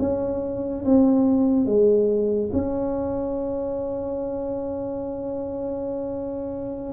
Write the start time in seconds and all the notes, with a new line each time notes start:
0.00 C#4
0.85 C4
1.66 G#3
2.53 C#4